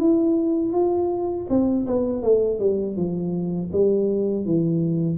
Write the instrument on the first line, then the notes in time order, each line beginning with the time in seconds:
tuba
0.00 E4
0.73 F4
1.50 C4
1.87 B3
2.23 A3
2.60 G3
2.97 F3
3.73 G3
4.46 E3